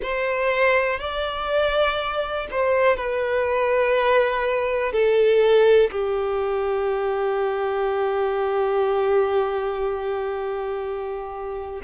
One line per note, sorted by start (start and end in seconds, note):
0.02 0.99 C5
0.99 2.47 D5
2.50 2.96 C5
2.96 4.92 B4
4.92 5.90 A4
5.91 11.81 G4